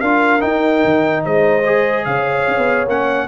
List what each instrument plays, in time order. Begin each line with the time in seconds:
0.00 tuba D4, trombone F4, horn A#4, trumpet F5
0.40 trombone D#4, tuba D#4, trumpet G5
0.84 tuba D#3
1.24 tuba G#3, horn C5, trumpet D#5
1.64 trombone G#4
2.05 tuba C#3, horn C#5, trumpet F5
2.48 tuba C#4
2.58 tuba B3
2.87 tuba A#3, trombone C#4, trumpet F#5